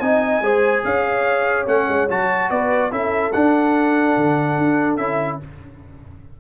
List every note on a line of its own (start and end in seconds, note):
0.00 0.42 C4
0.00 0.43 D#4
0.00 0.44 D#5
0.00 0.83 G#5
0.42 0.83 G#3
0.42 1.67 G#4
0.42 0.85 C5
0.84 1.67 C#4
0.84 2.51 C#5
0.84 1.67 F5
1.67 1.87 A3
1.67 2.08 C#4
1.67 2.09 F#5
1.88 2.09 G#3
2.09 2.50 F#3
2.09 2.91 F#4
2.09 2.50 A5
2.50 2.91 B3
2.50 2.91 B4
2.50 2.92 D5
2.91 3.33 C#4
2.91 3.32 E4
2.91 5.40 A4
2.91 3.32 E5
3.32 4.99 D4
3.32 4.17 D4
3.32 4.97 F#5
4.17 4.58 D3
4.58 4.98 D4
4.97 5.39 C#4
4.97 5.40 E4
4.97 5.38 E5